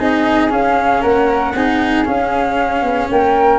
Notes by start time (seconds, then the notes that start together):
0.00 C4 D#4 G#4 D#5
0.50 C#4 F5
1.02 A#3 A#4 F#5
1.55 C4 D#4 G#4
2.06 C#4 F5
2.82 B3
3.12 A#3 A#4 G5